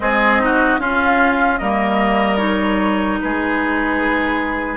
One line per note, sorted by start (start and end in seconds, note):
0.00 0.39 G#3
0.00 0.78 C4
0.00 0.42 G#4
0.00 0.80 D#5
0.39 0.79 D#4
0.39 0.79 F#4
0.79 1.59 C#4
0.79 1.59 F4
0.79 1.58 F5
1.58 3.20 G3
1.58 2.37 A#3
1.58 3.19 A#4
1.58 2.37 D#5
2.37 4.77 D#4
2.37 3.17 C#5
3.20 4.77 G#3
3.20 4.77 G#4
3.20 4.77 B4